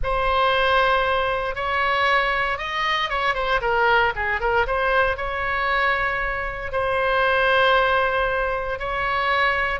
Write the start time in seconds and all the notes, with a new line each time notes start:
0.03 C5
1.55 C#5
2.58 D#5
3.09 C#5
3.34 C5
3.61 A#4
4.15 G#4
4.40 A#4
4.66 C5
5.16 C#5
6.72 C5
8.79 C#5